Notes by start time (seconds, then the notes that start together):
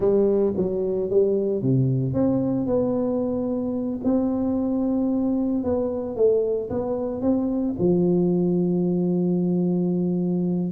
0.00 G3
0.56 F#3
1.10 G3
1.62 C3
2.13 C4
2.66 B3
4.04 C4
5.63 B3
6.16 A3
6.70 B3
7.21 C4
7.78 F3